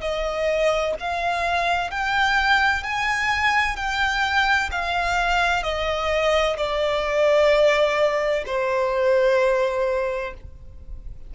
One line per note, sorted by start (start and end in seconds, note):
0.00 0.94 D#5
0.99 1.90 F5
1.90 2.83 G5
2.83 3.76 G#5
3.76 4.70 G5
4.71 5.62 F5
5.62 6.56 D#5
6.56 8.44 D5
8.46 10.33 C5